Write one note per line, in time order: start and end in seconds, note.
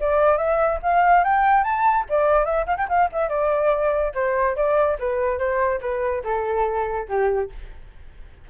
0.00 0.38 D5
0.38 0.79 E5
0.82 1.24 F5
1.24 1.64 G5
1.64 2.05 A5
2.09 2.45 D5
2.45 2.66 E5
2.66 2.77 F5
2.77 2.88 G5
2.89 3.09 F5
3.12 3.29 E5
3.29 4.12 D5
4.14 4.56 C5
4.56 4.98 D5
4.99 5.38 B4
5.38 5.80 C5
5.81 6.23 B4
6.24 7.07 A4
7.09 7.50 G4